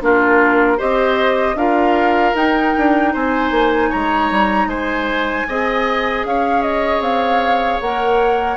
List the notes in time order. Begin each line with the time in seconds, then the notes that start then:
0.00 A#3 D4 F4 A#4
0.77 C4 G4 C5 D#5
1.55 D4 F4 A#4 F5
2.34 D#4 G5
2.77 D4
3.13 C4 C5 G#5
3.50 A#3
3.89 G#3 C#5 A#5
4.31 G3
4.66 G#3 C5 G#5
5.48 C4 G#4 D#5
6.24 C#4 C#5 F5
6.62 D#5
7.00 C4 F5
7.81 A#3 A#4 F#5